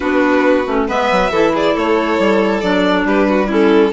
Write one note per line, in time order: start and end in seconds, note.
0.00 0.66 B3
0.00 0.65 D4
0.00 0.86 F#4
0.00 0.84 B4
0.66 0.88 A3
0.66 0.87 C#4
0.87 1.10 G#3
0.87 1.31 B3
0.87 1.30 B4
0.87 1.55 E5
1.11 1.30 F#3
1.30 1.74 E3
1.30 2.62 E4
1.30 1.52 A4
1.53 1.74 G#4
1.53 1.77 D5
1.74 2.18 A3
1.74 3.05 A4
1.74 2.60 C#5
2.18 2.62 G3
2.60 3.04 F#3
2.60 3.47 D4
2.60 3.04 D5
3.04 3.92 G3
3.04 3.28 G4
3.04 3.51 B4
3.28 3.47 F#4
3.47 3.91 C#4
3.47 3.91 E4
3.47 3.93 A4